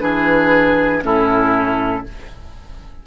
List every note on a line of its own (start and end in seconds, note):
0.00 1.02 E3
0.00 1.02 D4
0.00 1.04 G#4
0.00 1.02 B4
1.02 2.04 A2
1.02 2.04 C#4
1.02 2.06 E4
1.02 2.06 A4